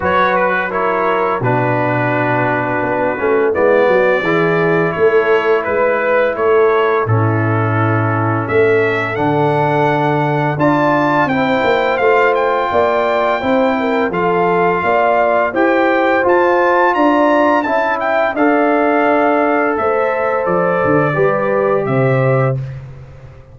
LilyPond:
<<
  \new Staff \with { instrumentName = "trumpet" } { \time 4/4 \tempo 4 = 85 cis''8 b'8 cis''4 b'2~ | b'4 d''2 cis''4 | b'4 cis''4 a'2 | e''4 fis''2 a''4 |
g''4 f''8 g''2~ g''8 | f''2 g''4 a''4 | ais''4 a''8 g''8 f''2 | e''4 d''2 e''4 | }
  \new Staff \with { instrumentName = "horn" } { \time 4/4 b'4 ais'4 fis'2~ | fis'4 e'8 fis'8 gis'4 a'4 | b'4 a'4 e'2 | a'2. d''4 |
c''2 d''4 c''8 ais'8 | a'4 d''4 c''2 | d''4 e''4 d''2 | c''2 b'4 c''4 | }
  \new Staff \with { instrumentName = "trombone" } { \time 4/4 fis'4 e'4 d'2~ | d'8 cis'8 b4 e'2~ | e'2 cis'2~ | cis'4 d'2 f'4 |
e'4 f'2 e'4 | f'2 g'4 f'4~ | f'4 e'4 a'2~ | a'2 g'2 | }
  \new Staff \with { instrumentName = "tuba" } { \time 4/4 fis2 b,2 | b8 a8 gis8 fis8 e4 a4 | gis4 a4 a,2 | a4 d2 d'4 |
c'8 ais8 a4 ais4 c'4 | f4 ais4 e'4 f'4 | d'4 cis'4 d'2 | a4 f8 d8 g4 c4 | }
>>